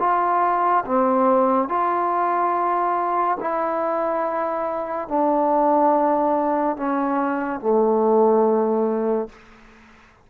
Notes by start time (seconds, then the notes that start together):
0.00 F4
0.86 C4
1.69 F4
3.41 E4
5.09 D4
6.77 C#4
7.61 A3